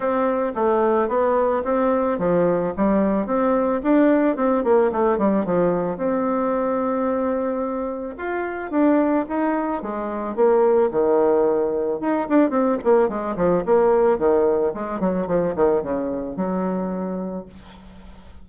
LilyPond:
\new Staff \with { instrumentName = "bassoon" } { \time 4/4 \tempo 4 = 110 c'4 a4 b4 c'4 | f4 g4 c'4 d'4 | c'8 ais8 a8 g8 f4 c'4~ | c'2. f'4 |
d'4 dis'4 gis4 ais4 | dis2 dis'8 d'8 c'8 ais8 | gis8 f8 ais4 dis4 gis8 fis8 | f8 dis8 cis4 fis2 | }